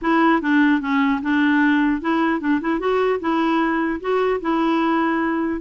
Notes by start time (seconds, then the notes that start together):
0.01 E4
0.41 D4
0.80 C#4
1.21 D4
2.01 E4
2.40 D4
2.60 E4
2.79 F#4
3.19 E4
4.00 F#4
4.41 E4